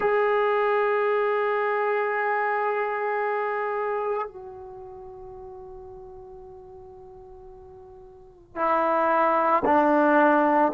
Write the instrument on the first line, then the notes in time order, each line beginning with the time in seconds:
trombone
0.00 G#4
4.27 F#4
8.55 E4
9.65 D4